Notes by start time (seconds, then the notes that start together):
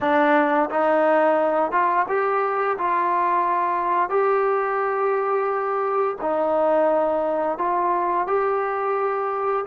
0.00 D4
0.70 D#4
1.71 F4
2.08 G4
2.77 F4
4.09 G4
6.21 D#4
7.58 F4
8.27 G4